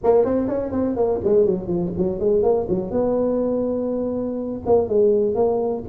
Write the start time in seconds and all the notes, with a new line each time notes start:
0.03 A#3
0.24 C4
0.48 C#4
0.71 C4
0.96 A#3
1.24 G#3
1.45 F#3
1.67 F3
1.97 F#3
2.19 G#3
2.42 A#3
2.68 F#3
2.90 B3
4.66 A#3
4.88 G#3
5.35 A#3